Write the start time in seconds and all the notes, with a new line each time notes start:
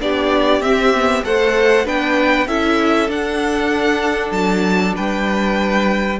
0.00 B3 D4 G4 D5
0.61 C4 E5
0.95 B3
1.24 A3 A4 C5 F#5
1.85 B3 D4 B4 G5
2.47 C#4 E4 A4 E5
3.08 D4 F#5
4.31 F#3 A5
4.95 G3 B4 G5